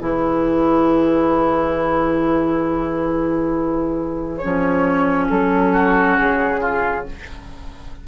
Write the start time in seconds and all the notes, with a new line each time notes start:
0.00 E3 E4 G#4 B4
4.38 C#4 C#5
4.44 F3
5.30 F#3 A4
5.72 F#4
6.18 C#3 G#4
6.61 F4